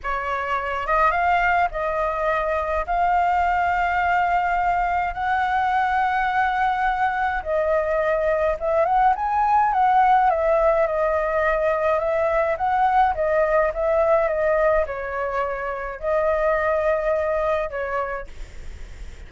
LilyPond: \new Staff \with { instrumentName = "flute" } { \time 4/4 \tempo 4 = 105 cis''4. dis''8 f''4 dis''4~ | dis''4 f''2.~ | f''4 fis''2.~ | fis''4 dis''2 e''8 fis''8 |
gis''4 fis''4 e''4 dis''4~ | dis''4 e''4 fis''4 dis''4 | e''4 dis''4 cis''2 | dis''2. cis''4 | }